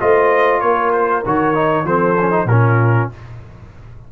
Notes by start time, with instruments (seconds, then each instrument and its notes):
0.00 tuba A3, trombone F4, horn C5, trumpet D#5
0.61 tuba A#3, horn A#4, trumpet C#5
0.93 trumpet C5
1.26 tuba D#3, trombone F#4, trumpet C#5
1.55 trombone D#4
1.85 tuba F3, trombone C4, horn A4, trumpet C5
2.21 trombone C#4
2.31 trombone D#4
2.45 tuba A#2, trombone C#4, horn F4, trumpet A#4